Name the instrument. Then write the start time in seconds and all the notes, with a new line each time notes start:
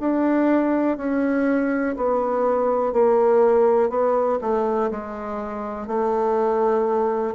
bassoon
0.00 D4
0.97 C#4
1.97 B3
2.93 A#3
3.89 B3
4.41 A3
4.91 G#3
5.87 A3